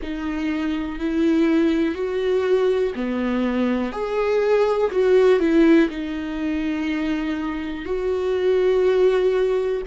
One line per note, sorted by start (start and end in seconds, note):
0.02 0.99 D#4
0.99 1.94 E4
1.94 2.93 F#4
2.95 3.92 B3
3.92 4.90 G#4
4.91 5.39 F#4
5.39 5.88 E4
5.89 7.85 D#4
7.85 9.81 F#4